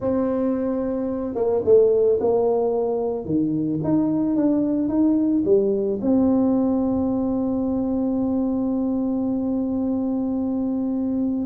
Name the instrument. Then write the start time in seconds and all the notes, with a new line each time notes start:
tuba
0.00 C4
1.34 A#3
1.64 A3
2.20 A#3
3.25 D#3
3.83 D#4
4.36 D4
4.88 D#4
5.44 G3
6.01 C4